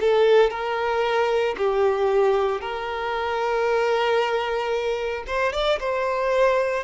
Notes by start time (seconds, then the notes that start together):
0.00 A4
0.50 A#4
1.57 G4
2.61 A#4
5.27 C5
5.53 D5
5.80 C5